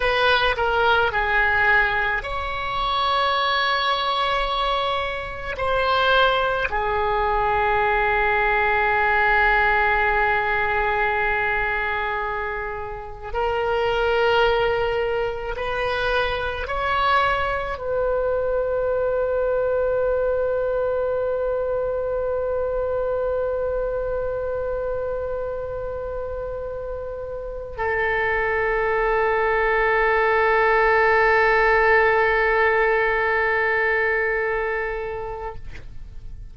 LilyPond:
\new Staff \with { instrumentName = "oboe" } { \time 4/4 \tempo 4 = 54 b'8 ais'8 gis'4 cis''2~ | cis''4 c''4 gis'2~ | gis'1 | ais'2 b'4 cis''4 |
b'1~ | b'1~ | b'4 a'2.~ | a'1 | }